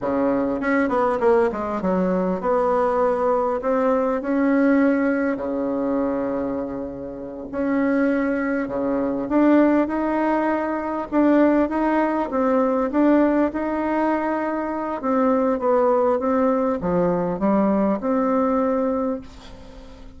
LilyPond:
\new Staff \with { instrumentName = "bassoon" } { \time 4/4 \tempo 4 = 100 cis4 cis'8 b8 ais8 gis8 fis4 | b2 c'4 cis'4~ | cis'4 cis2.~ | cis8 cis'2 cis4 d'8~ |
d'8 dis'2 d'4 dis'8~ | dis'8 c'4 d'4 dis'4.~ | dis'4 c'4 b4 c'4 | f4 g4 c'2 | }